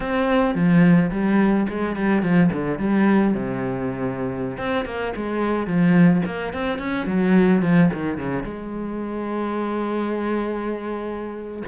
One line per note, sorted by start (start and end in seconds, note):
0.00 0.54 C4
0.54 1.10 F3
1.11 1.66 G3
1.68 1.95 G#3
1.95 2.22 G3
2.22 2.50 F3
2.52 2.79 D3
2.79 3.34 G3
3.34 4.57 C3
4.57 4.85 C4
4.85 5.13 A#3
5.16 5.66 G#3
5.66 6.22 F3
6.25 6.53 A#3
6.53 6.78 C4
6.78 7.06 C#4
7.06 7.62 F#3
7.62 7.89 F3
7.93 8.17 D#3
8.17 8.43 C#3
8.43 11.63 G#3